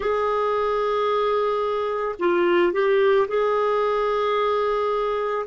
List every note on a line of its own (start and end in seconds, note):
0.00 2.15 G#4
2.19 2.72 F4
2.72 3.27 G4
3.27 5.45 G#4